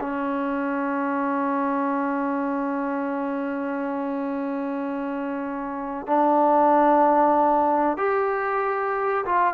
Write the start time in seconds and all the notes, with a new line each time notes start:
0.00 C#4
6.07 D4
7.97 G4
9.25 F4